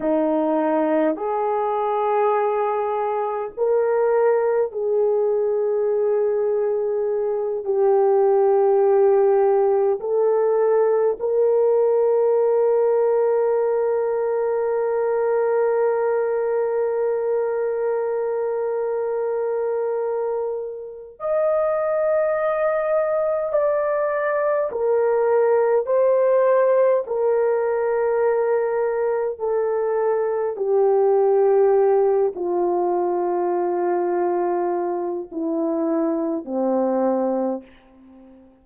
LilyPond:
\new Staff \with { instrumentName = "horn" } { \time 4/4 \tempo 4 = 51 dis'4 gis'2 ais'4 | gis'2~ gis'8 g'4.~ | g'8 a'4 ais'2~ ais'8~ | ais'1~ |
ais'2 dis''2 | d''4 ais'4 c''4 ais'4~ | ais'4 a'4 g'4. f'8~ | f'2 e'4 c'4 | }